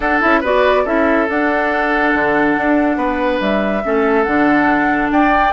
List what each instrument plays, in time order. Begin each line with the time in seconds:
0.00 bassoon D4, clarinet D4, oboe A4, flute F#5
0.21 bassoon C#4, clarinet E4, flute E5
0.40 bassoon B3, clarinet F#4, oboe B4, flute D5
0.84 bassoon C#4, clarinet E4, oboe A4, flute E5
1.27 clarinet D4, bassoon D4, flute F#5
2.14 bassoon D3
2.56 bassoon D4
2.96 bassoon B3, oboe B4
3.40 bassoon G3, flute E5
3.83 bassoon A3, clarinet C#4, oboe A4
4.23 bassoon D3, clarinet D4, flute F#5
5.11 bassoon D4, oboe D5, flute G5